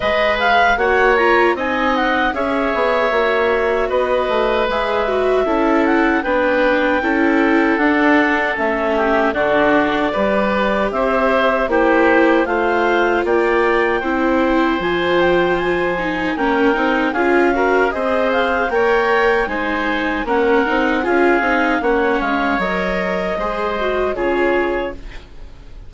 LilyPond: <<
  \new Staff \with { instrumentName = "clarinet" } { \time 4/4 \tempo 4 = 77 dis''8 f''8 fis''8 ais''8 gis''8 fis''8 e''4~ | e''4 dis''4 e''4. fis''8 | g''2 fis''4 e''4 | d''2 e''4 c''4 |
f''4 g''2 gis''8 g''8 | gis''4 g''4 f''4 dis''8 f''8 | g''4 gis''4 fis''4 f''4 | fis''8 f''8 dis''2 cis''4 | }
  \new Staff \with { instrumentName = "oboe" } { \time 4/4 b'4 cis''4 dis''4 cis''4~ | cis''4 b'2 a'4 | b'4 a'2~ a'8 g'8 | fis'4 b'4 c''4 g'4 |
c''4 d''4 c''2~ | c''4 ais'4 gis'8 ais'8 c''4 | cis''4 c''4 ais'4 gis'4 | cis''2 c''4 gis'4 | }
  \new Staff \with { instrumentName = "viola" } { \time 4/4 gis'4 fis'8 f'8 dis'4 gis'4 | fis'2 gis'8 fis'8 e'4 | d'4 e'4 d'4 cis'4 | d'4 g'2 e'4 |
f'2 e'4 f'4~ | f'8 dis'8 cis'8 dis'8 f'8 fis'8 gis'4 | ais'4 dis'4 cis'8 dis'8 f'8 dis'8 | cis'4 ais'4 gis'8 fis'8 f'4 | }
  \new Staff \with { instrumentName = "bassoon" } { \time 4/4 gis4 ais4 c'4 cis'8 b8 | ais4 b8 a8 gis4 cis'4 | b4 cis'4 d'4 a4 | d4 g4 c'4 ais4 |
a4 ais4 c'4 f4~ | f4 ais8 c'8 cis'4 c'4 | ais4 gis4 ais8 c'8 cis'8 c'8 | ais8 gis8 fis4 gis4 cis4 | }
>>